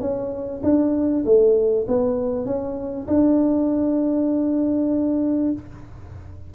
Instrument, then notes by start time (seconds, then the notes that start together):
tuba
0.00 C#4
0.63 D4
1.25 A3
1.87 B3
2.45 C#4
3.07 D4